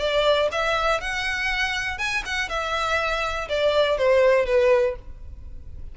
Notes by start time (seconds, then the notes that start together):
0.00 D5
0.52 E5
1.01 F#5
1.98 G#5
2.26 F#5
2.50 E5
3.49 D5
3.98 C5
4.46 B4